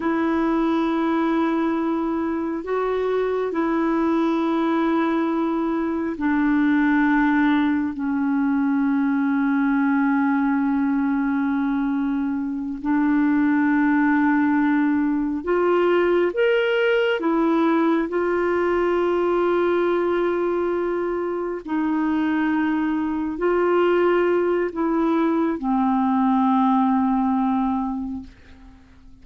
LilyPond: \new Staff \with { instrumentName = "clarinet" } { \time 4/4 \tempo 4 = 68 e'2. fis'4 | e'2. d'4~ | d'4 cis'2.~ | cis'2~ cis'8 d'4.~ |
d'4. f'4 ais'4 e'8~ | e'8 f'2.~ f'8~ | f'8 dis'2 f'4. | e'4 c'2. | }